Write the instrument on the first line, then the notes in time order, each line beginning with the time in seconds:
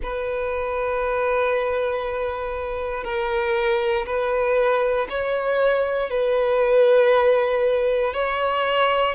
violin
0.02 B4
3.04 A#4
4.05 B4
5.09 C#5
6.10 B4
8.14 C#5